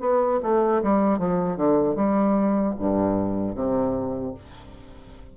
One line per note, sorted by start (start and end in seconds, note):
0.00 0.39 B3
0.42 0.82 A3
0.83 1.18 G3
1.18 1.56 F3
1.56 1.95 D3
1.95 2.74 G3
2.79 3.55 G2
3.55 4.34 C3